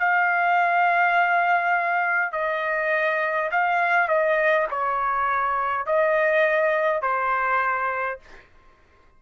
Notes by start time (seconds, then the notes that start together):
0.00 F5
2.33 D#5
3.52 F5
4.09 D#5
4.71 C#5
5.87 D#5
7.02 C5